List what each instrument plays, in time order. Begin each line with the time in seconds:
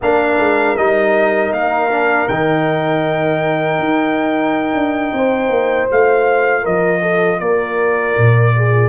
0.01 tuba A#3, trombone D4, horn A#4, trumpet F5
0.38 tuba G#3
0.76 tuba G3, trombone D#4, trumpet D#5
1.51 tuba A#3, trumpet F5
1.90 trombone D4
2.28 tuba D#3, trombone D#4, trumpet G5
3.78 tuba D#4
4.74 tuba D4
5.12 tuba C4, horn C5
5.48 tuba A#3
5.89 tuba A3, trombone F4, trumpet F5
6.62 tuba F3, horn A#4, trumpet D#5
7.01 horn A4
7.39 tuba A#3, horn A#4, trumpet D5
8.17 tuba A#2
8.56 horn G#4